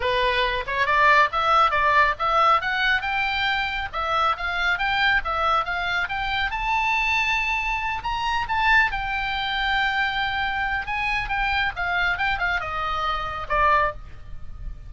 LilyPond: \new Staff \with { instrumentName = "oboe" } { \time 4/4 \tempo 4 = 138 b'4. cis''8 d''4 e''4 | d''4 e''4 fis''4 g''4~ | g''4 e''4 f''4 g''4 | e''4 f''4 g''4 a''4~ |
a''2~ a''8 ais''4 a''8~ | a''8 g''2.~ g''8~ | g''4 gis''4 g''4 f''4 | g''8 f''8 dis''2 d''4 | }